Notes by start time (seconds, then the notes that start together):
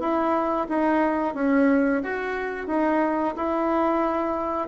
0.00 E4
0.69 D#4
1.35 C#4
2.03 F#4
2.67 D#4
3.36 E4